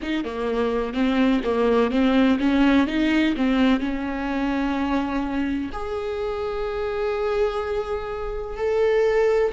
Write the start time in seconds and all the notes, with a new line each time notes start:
0.02 D#4
0.24 A#3
0.93 C4
1.43 A#3
1.90 C4
2.39 C#4
2.87 D#4
3.36 C4
3.80 C#4
5.72 G#4
8.57 A4